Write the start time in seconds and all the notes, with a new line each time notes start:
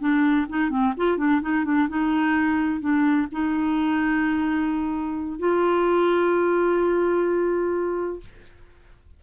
0.00 D4
0.49 D#4
0.70 C4
0.98 F4
1.18 D4
1.42 D#4
1.65 D4
1.89 D#4
2.81 D4
3.32 D#4
5.39 F4